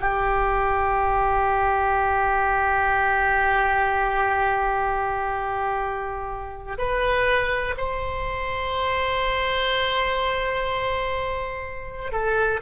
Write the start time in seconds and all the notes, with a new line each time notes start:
0.00 G4
6.78 B4
7.77 C5
12.12 A4